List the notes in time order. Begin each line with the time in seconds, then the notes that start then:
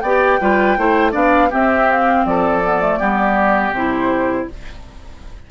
0.00 B3 G4 D5 G5
0.40 G3 F4 B4
0.77 A3 E4 C5
1.11 B3 D4 D5 F5
1.50 C4 G4 E5
1.90 F5
2.25 F3 A4 D5
2.63 B3
2.80 A3
2.99 G3 B3 G4
3.71 C3 E4 C5